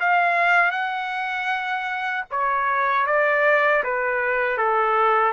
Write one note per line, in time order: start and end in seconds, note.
0.00 0.71 F5
0.71 2.25 F#5
2.31 3.07 C#5
3.07 3.84 D5
3.84 4.57 B4
4.57 5.33 A4